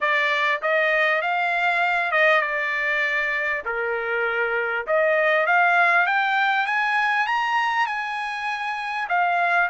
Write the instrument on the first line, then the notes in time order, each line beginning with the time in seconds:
trumpet
0.00 D5
0.62 D#5
1.21 F5
2.11 D#5
2.41 D5
3.65 A#4
4.87 D#5
5.46 F5
6.06 G5
6.66 G#5
7.26 A#5
7.86 G#5
9.09 F5